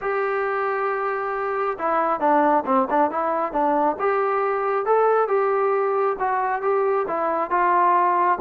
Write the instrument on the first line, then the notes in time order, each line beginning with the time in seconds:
trombone
0.01 G4
1.78 E4
2.20 D4
2.65 C4
2.90 D4
3.10 E4
3.52 D4
3.99 G4
4.85 A4
5.28 G4
6.19 F#4
6.62 G4
7.07 E4
7.50 F4